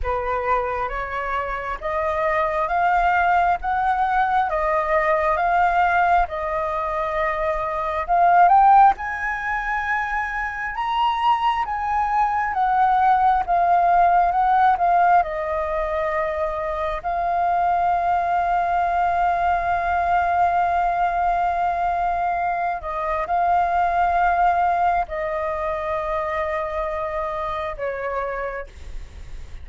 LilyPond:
\new Staff \with { instrumentName = "flute" } { \time 4/4 \tempo 4 = 67 b'4 cis''4 dis''4 f''4 | fis''4 dis''4 f''4 dis''4~ | dis''4 f''8 g''8 gis''2 | ais''4 gis''4 fis''4 f''4 |
fis''8 f''8 dis''2 f''4~ | f''1~ | f''4. dis''8 f''2 | dis''2. cis''4 | }